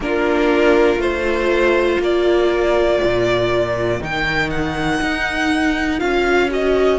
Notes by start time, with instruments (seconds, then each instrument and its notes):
0.00 cello A#3, viola D4, violin F4 A#4
0.96 cello A3, viola F4, violin C5
1.99 cello A#3, violin A#4 D5
3.03 cello A#2
4.00 cello D#3, viola D#4, violin G5
4.50 violin F#5
5.01 cello D#4
5.99 cello C#4, viola F4, violin F5
6.50 viola F#4, violin D#5